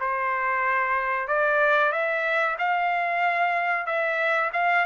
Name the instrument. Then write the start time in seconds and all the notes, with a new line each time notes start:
trumpet
0.00 C5
1.28 D5
1.92 E5
2.59 F5
3.86 E5
4.53 F5